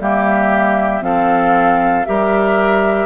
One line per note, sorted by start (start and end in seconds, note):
0.00 1.01 G3
0.00 1.02 A#3
0.00 1.04 G4
0.00 1.03 E5
1.01 2.05 F3
1.01 2.05 C4
1.01 2.07 A4
1.01 2.05 F5
2.05 3.06 G3
2.05 3.06 G4
2.05 3.06 A#4
2.05 3.06 E5